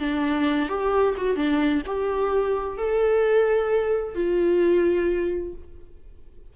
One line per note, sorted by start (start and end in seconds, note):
0.00 0.69 D4
0.69 1.15 G4
1.17 1.36 F#4
1.36 1.82 D4
1.86 2.78 G4
2.78 4.15 A4
4.15 5.54 F4